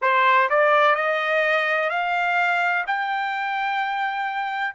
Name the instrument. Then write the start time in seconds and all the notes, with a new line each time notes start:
trumpet
0.01 C5
0.49 D5
0.95 D#5
1.89 F5
2.86 G5